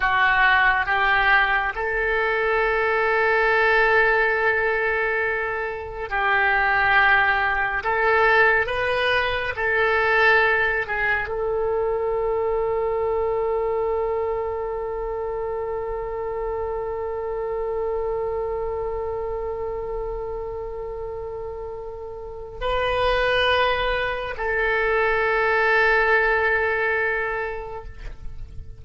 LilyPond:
\new Staff \with { instrumentName = "oboe" } { \time 4/4 \tempo 4 = 69 fis'4 g'4 a'2~ | a'2. g'4~ | g'4 a'4 b'4 a'4~ | a'8 gis'8 a'2.~ |
a'1~ | a'1~ | a'2 b'2 | a'1 | }